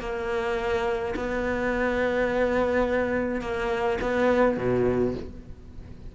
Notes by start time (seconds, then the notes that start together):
0.00 A#3
1.16 B3
3.42 A#3
4.01 B3
4.57 B2